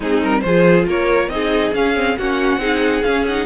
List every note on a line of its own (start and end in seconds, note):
0.00 0.22 G#3
0.00 0.45 C4
0.00 0.42 D#4
0.00 0.23 G#4
0.22 0.44 G3
0.22 0.41 A#4
0.41 0.87 F3
0.41 1.30 F4
0.41 0.87 G#4
0.41 0.84 C5
0.87 1.28 A#3
0.87 1.30 A#4
0.87 1.29 C#5
1.28 1.71 C4
1.28 1.73 D#4
1.28 2.18 G#4
1.28 1.72 D#5
1.72 2.16 C#4
1.72 1.95 C#4
1.72 2.17 F5
1.95 2.17 C4
2.17 2.57 A#3
2.17 2.59 C#4
2.17 2.60 F#4
2.17 3.03 F#5
2.57 3.00 C4
2.57 3.03 D#4
2.57 3.45 G#4
3.03 3.27 C#4
3.03 3.45 C#4
3.03 3.25 F5
3.27 3.45 D#4
3.27 3.45 F#5